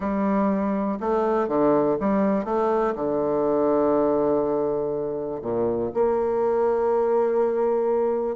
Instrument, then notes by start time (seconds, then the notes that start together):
bassoon
0.00 G3
0.99 A3
1.48 D3
1.99 G3
2.44 A3
2.95 D3
5.41 A#2
5.94 A#3